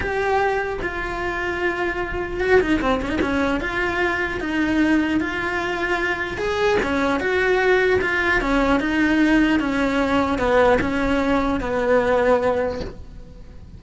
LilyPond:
\new Staff \with { instrumentName = "cello" } { \time 4/4 \tempo 4 = 150 g'2 f'2~ | f'2 fis'8 dis'8 c'8 cis'16 dis'16 | cis'4 f'2 dis'4~ | dis'4 f'2. |
gis'4 cis'4 fis'2 | f'4 cis'4 dis'2 | cis'2 b4 cis'4~ | cis'4 b2. | }